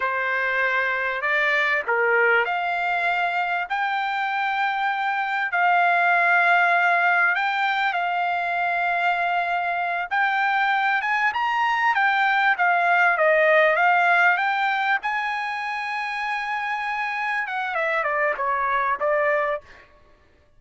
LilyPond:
\new Staff \with { instrumentName = "trumpet" } { \time 4/4 \tempo 4 = 98 c''2 d''4 ais'4 | f''2 g''2~ | g''4 f''2. | g''4 f''2.~ |
f''8 g''4. gis''8 ais''4 g''8~ | g''8 f''4 dis''4 f''4 g''8~ | g''8 gis''2.~ gis''8~ | gis''8 fis''8 e''8 d''8 cis''4 d''4 | }